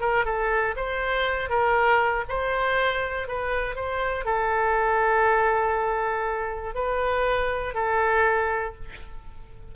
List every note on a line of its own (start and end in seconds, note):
0.00 0.25 A#4
0.25 0.75 A4
0.76 1.49 C5
1.49 2.24 A#4
2.29 3.28 C5
3.28 3.75 B4
3.75 4.25 C5
4.25 6.75 A4
6.75 7.74 B4
7.74 8.74 A4